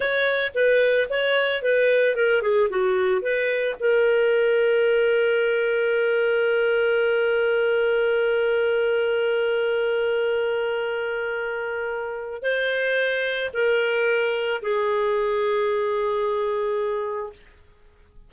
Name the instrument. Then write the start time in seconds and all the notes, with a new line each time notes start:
clarinet
0.00 C#5
0.54 B4
1.09 C#5
1.62 B4
2.15 A#4
2.42 G#4
2.69 F#4
3.21 B4
3.79 A#4
12.42 C5
13.53 A#4
14.62 G#4